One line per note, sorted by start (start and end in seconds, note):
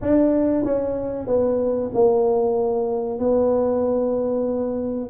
0.01 0.64 D4
0.64 1.26 C#4
1.26 1.90 B3
1.94 3.19 A#3
3.19 5.09 B3